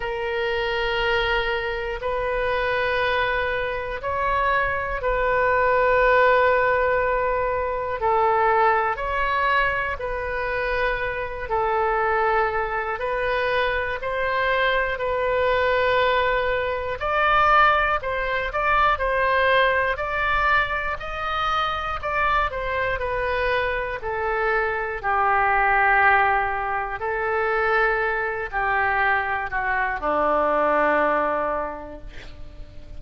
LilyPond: \new Staff \with { instrumentName = "oboe" } { \time 4/4 \tempo 4 = 60 ais'2 b'2 | cis''4 b'2. | a'4 cis''4 b'4. a'8~ | a'4 b'4 c''4 b'4~ |
b'4 d''4 c''8 d''8 c''4 | d''4 dis''4 d''8 c''8 b'4 | a'4 g'2 a'4~ | a'8 g'4 fis'8 d'2 | }